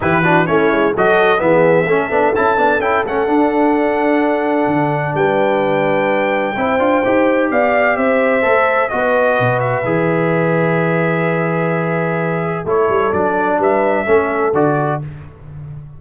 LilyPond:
<<
  \new Staff \with { instrumentName = "trumpet" } { \time 4/4 \tempo 4 = 128 b'4 cis''4 dis''4 e''4~ | e''4 a''4 g''8 fis''4.~ | fis''2. g''4~ | g''1 |
f''4 e''2 dis''4~ | dis''8 e''2.~ e''8~ | e''2. cis''4 | d''4 e''2 d''4 | }
  \new Staff \with { instrumentName = "horn" } { \time 4/4 g'8 fis'8 e'4 a'4 gis'4 | a'1~ | a'2. b'4~ | b'2 c''2 |
d''4 c''2 b'4~ | b'1~ | b'2. a'4~ | a'4 b'4 a'2 | }
  \new Staff \with { instrumentName = "trombone" } { \time 4/4 e'8 d'8 cis'4 fis'4 b4 | cis'8 d'8 e'8 d'8 e'8 cis'8 d'4~ | d'1~ | d'2 e'8 f'8 g'4~ |
g'2 a'4 fis'4~ | fis'4 gis'2.~ | gis'2. e'4 | d'2 cis'4 fis'4 | }
  \new Staff \with { instrumentName = "tuba" } { \time 4/4 e4 a8 gis8 fis4 e4 | a8 b8 cis'8 b8 cis'8 a8 d'4~ | d'2 d4 g4~ | g2 c'8 d'8 dis'4 |
b4 c'4 a4 b4 | b,4 e2.~ | e2. a8 g8 | fis4 g4 a4 d4 | }
>>